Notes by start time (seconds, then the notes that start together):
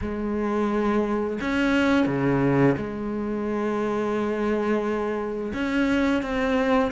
0.01 G#3
1.40 C#4
2.06 C#3
2.77 G#3
5.53 C#4
6.22 C4